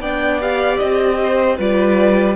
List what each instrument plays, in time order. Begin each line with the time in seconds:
0.00 cello B3, viola D4, violin D5 G5
0.41 viola G4, violin F5
0.78 cello C4, violin D#5
1.23 violin C5
1.57 cello G3, viola F4, violin B4 D5